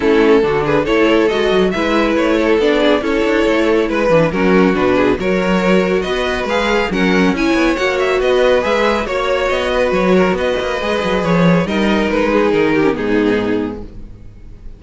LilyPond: <<
  \new Staff \with { instrumentName = "violin" } { \time 4/4 \tempo 4 = 139 a'4. b'8 cis''4 dis''4 | e''4 cis''4 d''4 cis''4~ | cis''4 b'4 ais'4 b'4 | cis''2 dis''4 f''4 |
fis''4 gis''4 fis''8 e''8 dis''4 | e''4 cis''4 dis''4 cis''4 | dis''2 cis''4 dis''4 | b'4 ais'4 gis'2 | }
  \new Staff \with { instrumentName = "violin" } { \time 4/4 e'4 fis'8 gis'8 a'2 | b'4. a'4 gis'8 a'4~ | a'4 b'4 fis'4. gis'8 | ais'2 b'2 |
ais'4 cis''2 b'4~ | b'4 cis''4. b'4 ais'8 | b'2. ais'4~ | ais'8 gis'4 g'8 dis'2 | }
  \new Staff \with { instrumentName = "viola" } { \time 4/4 cis'4 d'4 e'4 fis'4 | e'2 d'4 e'4~ | e'4. d'8 cis'4 d'4 | fis'2. gis'4 |
cis'4 e'4 fis'2 | gis'4 fis'2.~ | fis'4 gis'2 dis'4~ | dis'4.~ dis'16 cis'16 b2 | }
  \new Staff \with { instrumentName = "cello" } { \time 4/4 a4 d4 a4 gis8 fis8 | gis4 a4 b4 cis'8 d'8 | a4 gis8 e8 fis4 b,4 | fis2 b4 gis4 |
fis4 cis'8 b8 ais4 b4 | gis4 ais4 b4 fis4 | b8 ais8 gis8 fis8 f4 g4 | gis4 dis4 gis,2 | }
>>